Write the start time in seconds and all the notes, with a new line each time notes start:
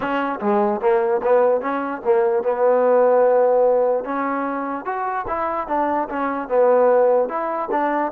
0.00 C#4
0.40 G#3
0.80 A#3
1.22 B3
1.61 C#4
2.04 A#3
2.43 B3
4.04 C#4
4.85 F#4
5.27 E4
5.68 D4
6.09 C#4
6.48 B3
7.28 E4
7.71 D4